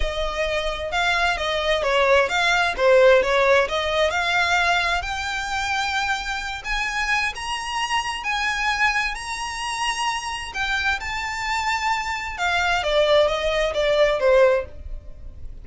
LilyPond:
\new Staff \with { instrumentName = "violin" } { \time 4/4 \tempo 4 = 131 dis''2 f''4 dis''4 | cis''4 f''4 c''4 cis''4 | dis''4 f''2 g''4~ | g''2~ g''8 gis''4. |
ais''2 gis''2 | ais''2. g''4 | a''2. f''4 | d''4 dis''4 d''4 c''4 | }